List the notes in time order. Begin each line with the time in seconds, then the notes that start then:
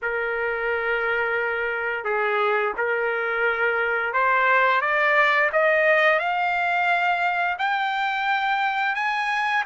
0.02 A#4
2.04 G#4
2.77 A#4
4.13 C5
4.81 D5
5.52 D#5
6.19 F5
7.58 G5
8.95 G#5